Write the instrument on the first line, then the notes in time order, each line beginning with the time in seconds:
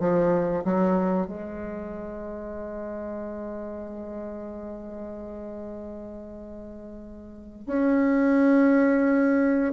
bassoon
0.00 F3
0.65 F#3
1.27 G#3
7.67 C#4